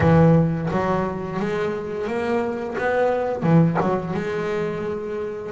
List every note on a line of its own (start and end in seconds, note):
0.00 0.69 E3
0.70 1.39 F#3
1.39 2.07 G#3
2.07 2.76 A#3
2.78 3.42 B3
3.42 3.77 E3
3.81 4.14 F#3
4.14 5.52 G#3